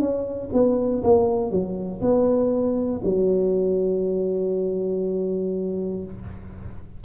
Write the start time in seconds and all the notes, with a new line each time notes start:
0.00 C#4
0.53 B3
1.04 A#3
1.51 F#3
2.01 B3
3.05 F#3